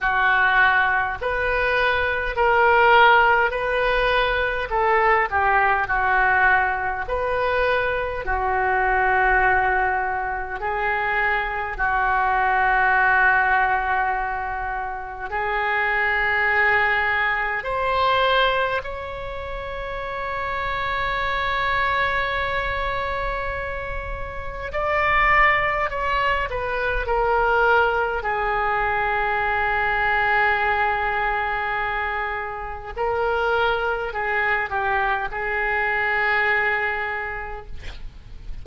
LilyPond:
\new Staff \with { instrumentName = "oboe" } { \time 4/4 \tempo 4 = 51 fis'4 b'4 ais'4 b'4 | a'8 g'8 fis'4 b'4 fis'4~ | fis'4 gis'4 fis'2~ | fis'4 gis'2 c''4 |
cis''1~ | cis''4 d''4 cis''8 b'8 ais'4 | gis'1 | ais'4 gis'8 g'8 gis'2 | }